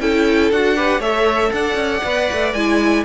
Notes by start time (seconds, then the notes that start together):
0.00 C#4 E4 A4 G5
0.51 D4 F#4 F#5
0.76 G4 B4
0.99 A3 A4 C#5 E5
1.52 D4 D5 F#5
1.75 C#4
2.04 B3 B4
2.32 A3
2.53 G#3 E4 G#5